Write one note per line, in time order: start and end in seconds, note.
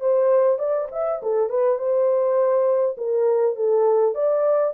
0.00 0.58 C5
0.58 0.87 D5
0.91 1.21 E5
1.22 1.49 A4
1.49 1.78 B4
1.78 2.96 C5
2.97 3.55 A#4
3.55 4.14 A4
4.14 4.73 D5